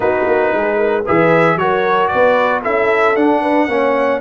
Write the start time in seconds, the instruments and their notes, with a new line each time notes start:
0.00 tuba B3, trombone D#4, horn F#4, trumpet B4
0.26 tuba A#3
0.53 tuba G#3, horn G#4
0.77 horn A#4
1.04 tuba E3, trombone G#4, horn B4, trumpet E5
1.55 tuba F#3, trombone F#4, horn A#4, trumpet C#5
2.07 tuba B3, horn B4, trumpet D5
2.62 tuba C#4, trombone E4, horn A4, trumpet E5
3.15 tuba D4, trombone D4, trumpet F#5
3.41 horn B4
3.68 tuba A#3, trombone C#4, horn C#5